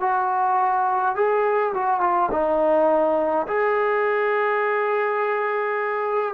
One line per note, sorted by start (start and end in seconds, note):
0.00 1.15 F#4
1.15 1.73 G#4
1.74 2.00 F#4
2.00 2.29 F4
2.31 3.47 D#4
3.47 6.34 G#4